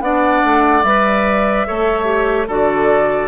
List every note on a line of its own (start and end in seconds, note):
0.00 0.41 B3
0.00 0.83 D4
0.00 1.67 D5
0.00 0.83 F#5
0.43 0.83 A3
0.83 1.65 G3
0.83 1.67 B4
0.83 2.47 E5
1.67 2.47 A3
1.67 2.04 A4
1.67 2.47 C#5
2.04 2.45 G4
2.47 3.28 D3
2.47 3.28 F#4
2.47 3.28 A4
2.47 3.28 D5